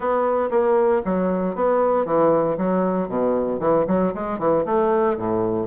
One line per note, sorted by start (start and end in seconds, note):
0.00 0.49 B3
0.50 1.02 A#3
1.04 1.55 F#3
1.55 2.05 B3
2.05 2.57 E3
2.57 3.08 F#3
3.08 3.59 B2
3.59 3.85 E3
3.87 4.13 F#3
4.14 4.38 G#3
4.38 4.64 E3
4.65 5.17 A3
5.17 5.67 A2